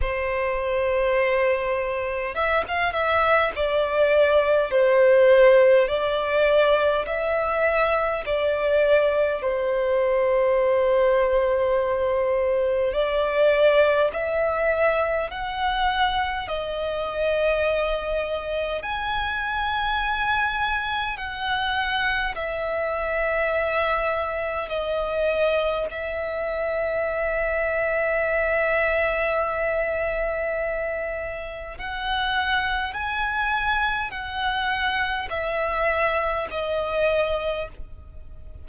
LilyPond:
\new Staff \with { instrumentName = "violin" } { \time 4/4 \tempo 4 = 51 c''2 e''16 f''16 e''8 d''4 | c''4 d''4 e''4 d''4 | c''2. d''4 | e''4 fis''4 dis''2 |
gis''2 fis''4 e''4~ | e''4 dis''4 e''2~ | e''2. fis''4 | gis''4 fis''4 e''4 dis''4 | }